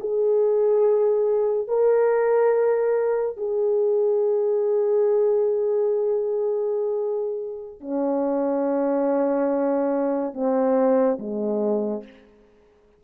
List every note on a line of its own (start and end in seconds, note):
0.00 1.67 G#4
1.67 3.36 A#4
3.36 7.80 G#4
7.80 10.34 C#4
10.34 11.18 C4
11.19 12.04 G#3